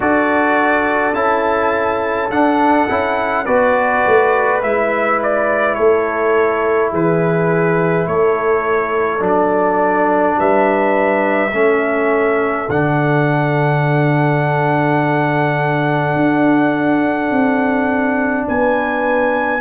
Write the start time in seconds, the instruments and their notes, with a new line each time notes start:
0.00 tuba D4, trombone F#4, horn A4, trumpet D5
1.14 tuba C#4, trombone E4, trumpet A5
2.30 tuba D4, trombone D4, trumpet F#5
2.88 tuba C#4, trombone E4
3.44 tuba B3, trombone F#4, horn B4, trumpet D5
4.06 tuba A3
4.62 tuba G#3, trombone E4, trumpet E5
5.22 trumpet D5
5.74 tuba A3, horn A4, trumpet C#5
6.91 tuba E3, horn G#4, trumpet B4
8.06 tuba A3, horn A4, trumpet C#5
9.20 tuba F#3, trombone D4
9.27 trumpet D5
10.38 tuba G3, horn B4, trumpet E5
11.51 tuba A3, trombone C#4, horn A4
12.69 tuba D3, trombone D4, trumpet F#5
16.15 tuba D4
17.30 tuba C4
18.48 tuba B3, horn B4, trumpet G#5